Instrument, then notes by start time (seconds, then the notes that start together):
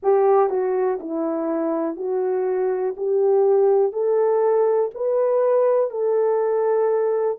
horn
0.03 G4
0.49 F#4
1.00 E4
1.96 F#4
2.96 G4
3.92 A4
4.94 B4
5.90 A4